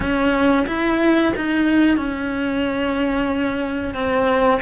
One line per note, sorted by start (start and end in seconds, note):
0.00 0.66 C#4
0.67 1.33 E4
1.36 1.96 D#4
1.96 3.94 C#4
3.94 4.60 C4